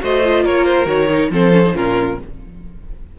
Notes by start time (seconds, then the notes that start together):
0.00 A3 F#4 C5 D#5
0.24 F4
0.43 A#3 A#4 C#5
0.65 C5
0.85 D#3 F#4 C#5
1.10 D#4
1.30 F3 C4 A4 C5
1.52 C#4
1.66 D#4
1.74 A#2 C#4 F4 A#4